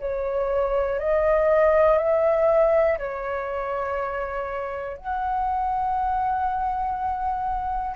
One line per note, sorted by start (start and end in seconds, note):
0.00 1.00 C#5
1.00 1.99 D#5
1.99 2.99 E5
2.99 4.97 C#5
4.97 7.96 F#5